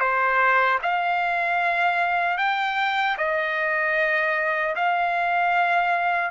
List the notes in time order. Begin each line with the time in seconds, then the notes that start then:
0.00 C5
0.83 F5
2.38 G5
3.18 D#5
4.76 F5